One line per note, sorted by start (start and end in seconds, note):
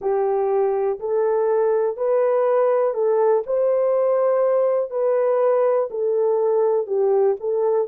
0.00 0.99 G4
0.99 1.97 A4
1.97 2.93 B4
2.93 3.42 A4
3.46 4.90 C5
4.90 5.88 B4
5.90 6.86 A4
6.86 7.35 G4
7.40 7.87 A4